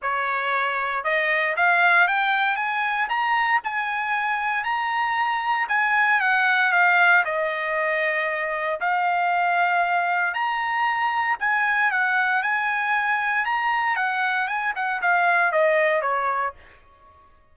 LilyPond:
\new Staff \with { instrumentName = "trumpet" } { \time 4/4 \tempo 4 = 116 cis''2 dis''4 f''4 | g''4 gis''4 ais''4 gis''4~ | gis''4 ais''2 gis''4 | fis''4 f''4 dis''2~ |
dis''4 f''2. | ais''2 gis''4 fis''4 | gis''2 ais''4 fis''4 | gis''8 fis''8 f''4 dis''4 cis''4 | }